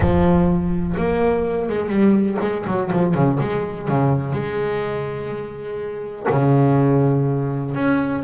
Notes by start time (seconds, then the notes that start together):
0.00 F3
0.97 A#3
1.68 G#3
1.89 G3
2.40 G#3
2.67 F#3
2.92 F3
3.14 C#3
3.40 G#3
3.88 C#3
4.32 G#3
6.29 C#3
7.74 C#4